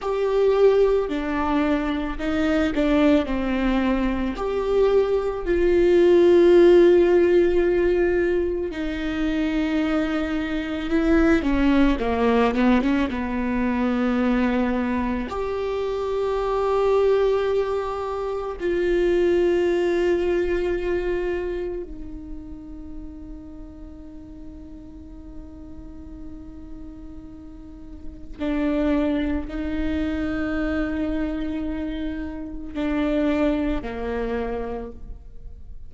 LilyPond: \new Staff \with { instrumentName = "viola" } { \time 4/4 \tempo 4 = 55 g'4 d'4 dis'8 d'8 c'4 | g'4 f'2. | dis'2 e'8 cis'8 ais8 b16 cis'16 | b2 g'2~ |
g'4 f'2. | dis'1~ | dis'2 d'4 dis'4~ | dis'2 d'4 ais4 | }